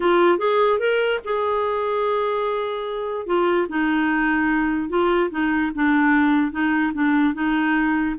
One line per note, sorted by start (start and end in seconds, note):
0.00 0.38 F4
0.38 0.79 G#4
0.79 1.20 A#4
1.24 3.26 G#4
3.26 3.67 F4
3.68 4.89 D#4
4.89 5.29 F4
5.30 5.71 D#4
5.74 6.51 D4
6.51 6.92 D#4
6.93 7.34 D4
7.34 8.15 D#4